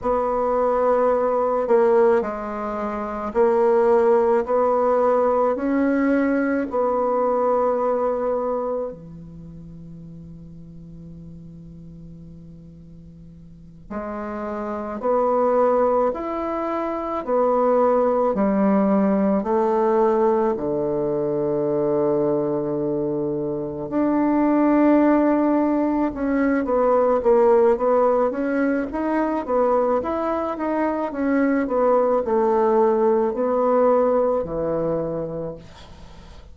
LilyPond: \new Staff \with { instrumentName = "bassoon" } { \time 4/4 \tempo 4 = 54 b4. ais8 gis4 ais4 | b4 cis'4 b2 | e1~ | e8 gis4 b4 e'4 b8~ |
b8 g4 a4 d4.~ | d4. d'2 cis'8 | b8 ais8 b8 cis'8 dis'8 b8 e'8 dis'8 | cis'8 b8 a4 b4 e4 | }